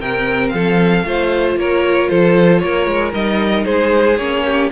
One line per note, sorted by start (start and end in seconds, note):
0.00 0.52 C3
0.00 1.05 C4
0.00 0.53 A#4
0.00 0.48 G5
0.48 1.05 F3
0.48 1.06 A4
0.48 1.53 F5
1.05 1.57 A3
1.05 3.13 F4
1.05 1.59 C5
1.57 2.09 A#3
1.57 2.10 A#4
1.57 2.09 C#5
2.09 2.63 F3
2.09 2.62 A4
2.09 2.59 C5
2.59 2.87 A#3
2.59 3.65 A#4
2.59 3.11 C#5
2.87 3.13 G#3
3.13 3.66 G3
3.13 4.17 D#4
3.13 3.65 D#5
3.65 4.19 G#3
3.65 4.43 G#4
3.65 4.17 C5
4.17 4.71 A#3
4.17 4.71 C#4
4.17 4.70 C#5
4.45 4.71 G4